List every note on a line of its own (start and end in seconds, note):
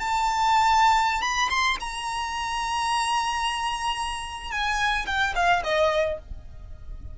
0.00 1.22 A5
1.22 1.49 B5
1.50 1.77 C6
1.80 4.52 A#5
4.52 5.06 G#5
5.07 5.34 G5
5.36 5.63 F5
5.64 6.19 D#5